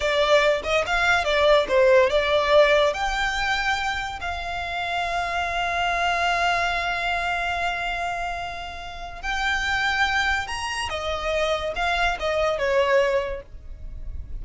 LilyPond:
\new Staff \with { instrumentName = "violin" } { \time 4/4 \tempo 4 = 143 d''4. dis''8 f''4 d''4 | c''4 d''2 g''4~ | g''2 f''2~ | f''1~ |
f''1~ | f''2 g''2~ | g''4 ais''4 dis''2 | f''4 dis''4 cis''2 | }